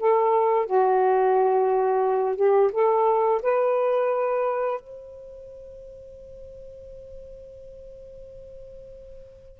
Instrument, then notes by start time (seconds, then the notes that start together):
saxophone
0.00 A4
0.66 F#4
2.36 G4
2.72 A4
3.42 B4
4.80 C5